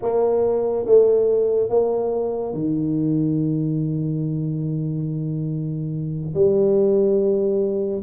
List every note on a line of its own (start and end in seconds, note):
0.02 0.85 A#3
0.85 1.69 A3
1.69 2.53 A#3
2.53 6.33 D#3
6.33 8.02 G3